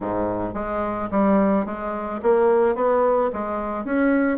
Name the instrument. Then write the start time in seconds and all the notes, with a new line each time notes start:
bassoon
0.00 G#2
0.54 G#3
1.10 G3
1.65 G#3
2.22 A#3
2.75 B3
3.32 G#3
3.84 C#4